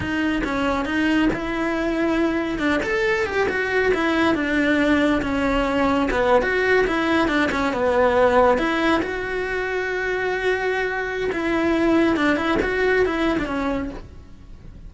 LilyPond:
\new Staff \with { instrumentName = "cello" } { \time 4/4 \tempo 4 = 138 dis'4 cis'4 dis'4 e'4~ | e'2 d'8 a'4 g'8 | fis'4 e'4 d'2 | cis'2 b8. fis'4 e'16~ |
e'8. d'8 cis'8 b2 e'16~ | e'8. fis'2.~ fis'16~ | fis'2 e'2 | d'8 e'8 fis'4 e'8. d'16 cis'4 | }